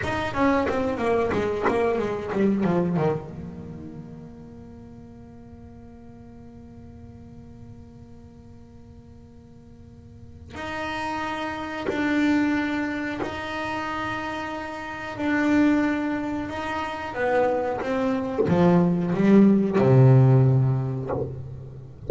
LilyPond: \new Staff \with { instrumentName = "double bass" } { \time 4/4 \tempo 4 = 91 dis'8 cis'8 c'8 ais8 gis8 ais8 gis8 g8 | f8 dis8 ais2.~ | ais1~ | ais1 |
dis'2 d'2 | dis'2. d'4~ | d'4 dis'4 b4 c'4 | f4 g4 c2 | }